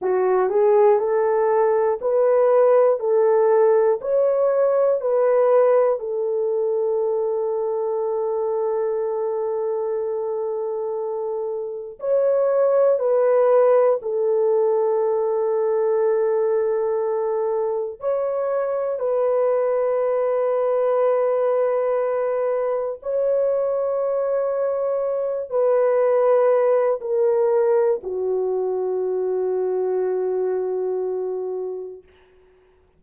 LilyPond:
\new Staff \with { instrumentName = "horn" } { \time 4/4 \tempo 4 = 60 fis'8 gis'8 a'4 b'4 a'4 | cis''4 b'4 a'2~ | a'1 | cis''4 b'4 a'2~ |
a'2 cis''4 b'4~ | b'2. cis''4~ | cis''4. b'4. ais'4 | fis'1 | }